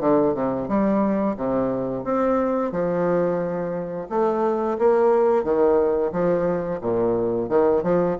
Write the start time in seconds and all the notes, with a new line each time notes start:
0.00 D3
0.34 C3
0.68 G3
1.37 C3
2.04 C4
2.72 F3
4.09 A3
4.79 A#3
5.44 D#3
6.12 F3
6.81 A#2
7.49 D#3
7.83 F3